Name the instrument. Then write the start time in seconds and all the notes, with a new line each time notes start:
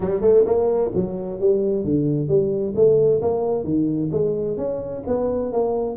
tuba
0.00 G3
0.21 A3
0.45 A#3
0.94 F#3
1.39 G3
1.84 D3
2.28 G3
2.75 A3
3.21 A#3
3.64 D#3
4.11 G#3
4.57 C#4
5.06 B3
5.52 A#3